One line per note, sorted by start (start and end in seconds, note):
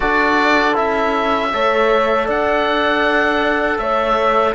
0.00 0.77 D4
0.00 0.74 F#4
0.00 1.52 A4
0.00 0.76 D5
0.74 1.53 C#4
0.74 1.50 E4
0.74 2.28 E5
1.53 2.28 A3
1.53 4.54 A4
1.53 2.26 C#5
2.26 3.78 D4
2.26 3.78 D5
2.26 3.78 F#5
3.78 4.54 A3
3.78 4.54 C#5
3.78 4.54 E5